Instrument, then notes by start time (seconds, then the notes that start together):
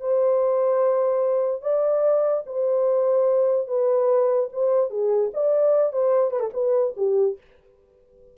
horn
0.00 C5
1.61 D5
2.46 C5
3.67 B4
4.52 C5
4.90 G#4
5.33 D5
5.92 C5
6.31 B4
6.40 A4
6.53 B4
6.96 G4